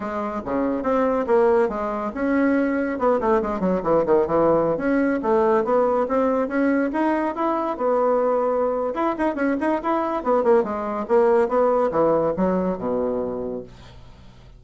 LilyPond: \new Staff \with { instrumentName = "bassoon" } { \time 4/4 \tempo 4 = 141 gis4 cis4 c'4 ais4 | gis4 cis'2 b8 a8 | gis8 fis8 e8 dis8 e4~ e16 cis'8.~ | cis'16 a4 b4 c'4 cis'8.~ |
cis'16 dis'4 e'4 b4.~ b16~ | b4 e'8 dis'8 cis'8 dis'8 e'4 | b8 ais8 gis4 ais4 b4 | e4 fis4 b,2 | }